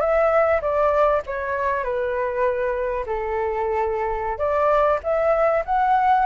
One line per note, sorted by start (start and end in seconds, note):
0.00 0.61 E5
0.61 1.22 D5
1.26 1.84 C#5
1.84 3.05 B4
3.06 4.38 A4
4.38 4.99 D5
5.03 5.64 E5
5.65 6.26 F#5